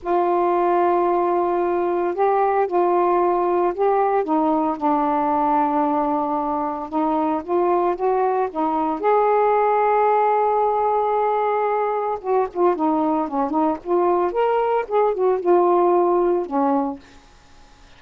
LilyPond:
\new Staff \with { instrumentName = "saxophone" } { \time 4/4 \tempo 4 = 113 f'1 | g'4 f'2 g'4 | dis'4 d'2.~ | d'4 dis'4 f'4 fis'4 |
dis'4 gis'2.~ | gis'2. fis'8 f'8 | dis'4 cis'8 dis'8 f'4 ais'4 | gis'8 fis'8 f'2 cis'4 | }